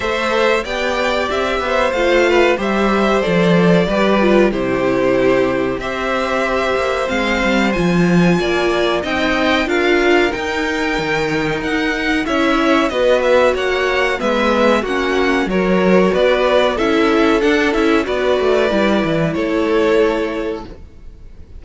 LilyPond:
<<
  \new Staff \with { instrumentName = "violin" } { \time 4/4 \tempo 4 = 93 e''4 g''4 e''4 f''4 | e''4 d''2 c''4~ | c''4 e''2 f''4 | gis''2 g''4 f''4 |
g''2 fis''4 e''4 | dis''8 e''8 fis''4 e''4 fis''4 | cis''4 d''4 e''4 fis''8 e''8 | d''2 cis''2 | }
  \new Staff \with { instrumentName = "violin" } { \time 4/4 c''4 d''4. c''4 b'8 | c''2 b'4 g'4~ | g'4 c''2.~ | c''4 d''4 dis''4 ais'4~ |
ais'2. cis''4 | b'4 cis''4 b'4 fis'4 | ais'4 b'4 a'2 | b'2 a'2 | }
  \new Staff \with { instrumentName = "viola" } { \time 4/4 a'4 g'2 f'4 | g'4 a'4 g'8 f'8 e'4~ | e'4 g'2 c'4 | f'2 dis'4 f'4 |
dis'2. e'4 | fis'2 b4 cis'4 | fis'2 e'4 d'8 e'8 | fis'4 e'2. | }
  \new Staff \with { instrumentName = "cello" } { \time 4/4 a4 b4 c'8 b8 a4 | g4 f4 g4 c4~ | c4 c'4. ais8 gis8 g8 | f4 ais4 c'4 d'4 |
dis'4 dis4 dis'4 cis'4 | b4 ais4 gis4 ais4 | fis4 b4 cis'4 d'8 cis'8 | b8 a8 g8 e8 a2 | }
>>